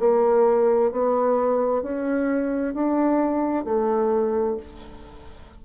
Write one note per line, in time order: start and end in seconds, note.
0.00 0.92 A#3
0.92 1.83 B3
1.83 2.74 C#4
2.74 3.65 D4
3.65 4.57 A3